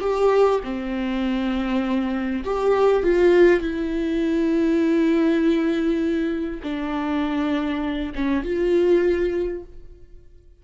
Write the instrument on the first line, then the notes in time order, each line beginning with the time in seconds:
viola
0.00 G4
0.63 C4
2.44 G4
3.02 F4
3.60 E4
6.63 D4
8.15 C#4
8.43 F4